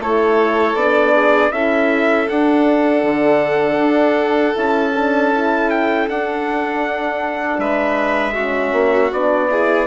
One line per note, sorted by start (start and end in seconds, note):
0.00 0.75 A3
0.00 0.76 E4
0.00 1.15 A4
0.00 0.76 C#5
0.75 1.51 B3
0.75 1.53 D4
0.75 1.52 D5
1.15 1.53 G#4
1.52 2.28 C#4
1.52 2.28 E4
1.52 7.60 A4
1.52 2.28 E5
2.29 4.55 D4
2.29 3.04 D4
2.29 4.57 F#5
3.04 3.78 D3
3.78 4.54 D4
4.55 6.09 C#4
4.55 4.93 E4
4.55 5.70 A5
4.96 5.33 D4
5.33 6.08 E4
5.70 6.08 G5
6.08 8.36 D4
6.08 7.59 D4
6.08 7.60 F#5
7.59 8.72 G#3
7.59 8.34 B4
7.59 9.12 E5
8.34 9.13 C#4
8.34 9.48 F#4
8.72 9.10 A#3
9.13 9.87 B3
9.13 9.50 D4
9.13 9.87 D5
9.50 9.87 E4
9.50 9.87 G#4